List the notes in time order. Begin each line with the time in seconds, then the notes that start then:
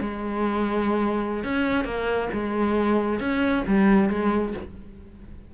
0.00 G#3
1.44 C#4
1.84 A#3
2.33 G#3
3.19 C#4
3.67 G3
4.09 G#3